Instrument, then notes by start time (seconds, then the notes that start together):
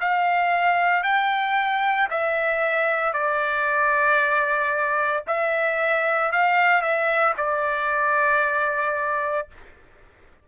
trumpet
0.00 F5
1.03 G5
2.10 E5
3.13 D5
5.27 E5
6.32 F5
6.81 E5
7.37 D5